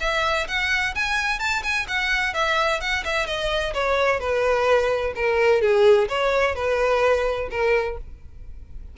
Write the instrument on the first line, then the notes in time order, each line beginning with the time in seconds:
violin
0.00 E5
0.48 F#5
0.95 G#5
1.39 A5
1.63 G#5
1.88 F#5
2.34 E5
2.80 F#5
3.04 E5
3.26 D#5
3.74 C#5
4.20 B4
5.15 A#4
5.61 G#4
6.09 C#5
6.55 B4
7.50 A#4